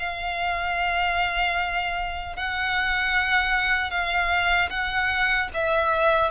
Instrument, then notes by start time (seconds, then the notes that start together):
violin
0.00 F5
2.37 F#5
3.91 F5
4.70 F#5
5.54 E5